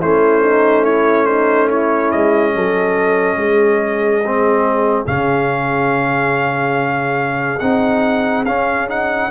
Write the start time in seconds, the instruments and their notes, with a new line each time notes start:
0.00 tuba A3, trombone C#4, horn E4, trumpet C5
0.42 horn D#4
0.83 horn E4, trumpet C#5
1.26 horn D#4, trumpet C5
1.68 horn E4, trumpet C#5
2.11 tuba G#3, trumpet D#5
2.55 tuba F#3, horn A4
3.36 tuba G#3, horn G#4
4.25 trombone C4
5.05 tuba C#3, trombone C#4, trumpet F5
7.59 tuba C4, trombone D#4, trumpet F#5
8.45 tuba C#4, trombone C#4, trumpet F5
8.88 trombone D#4, trumpet F#5